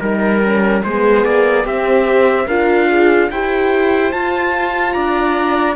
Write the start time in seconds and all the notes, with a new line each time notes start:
0.00 G3 D#4 A#4
0.43 C#4
0.83 G#3 B3 G#4 C5
1.24 A#3 D5
1.64 C4 G4 E5
2.06 C5
2.47 D4 F4 A#4 F5
2.89 G#4
3.30 E4 G4 C5 G5
4.12 F4 A5
4.92 D4 D5 A#5